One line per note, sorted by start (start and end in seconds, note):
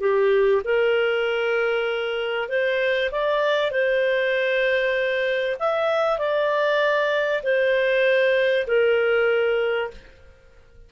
0.00 0.62 G4
0.64 2.48 A#4
2.48 3.10 C5
3.11 3.71 D5
3.71 5.56 C5
5.59 6.18 E5
6.18 7.42 D5
7.43 8.66 C5
8.67 9.91 A#4